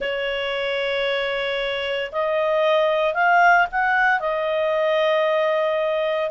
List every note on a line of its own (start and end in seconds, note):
0.00 2.11 C#5
2.11 3.13 D#5
3.13 3.66 F5
3.71 4.20 F#5
4.20 6.30 D#5